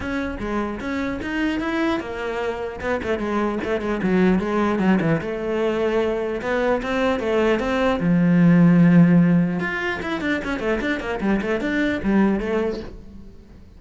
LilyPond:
\new Staff \with { instrumentName = "cello" } { \time 4/4 \tempo 4 = 150 cis'4 gis4 cis'4 dis'4 | e'4 ais2 b8 a8 | gis4 a8 gis8 fis4 gis4 | fis8 e8 a2. |
b4 c'4 a4 c'4 | f1 | f'4 e'8 d'8 cis'8 a8 d'8 ais8 | g8 a8 d'4 g4 a4 | }